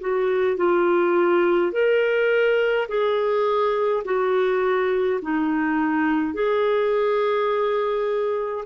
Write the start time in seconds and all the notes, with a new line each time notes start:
0.00 F#4
0.57 F4
1.72 A#4
2.88 G#4
4.04 F#4
5.21 D#4
6.34 G#4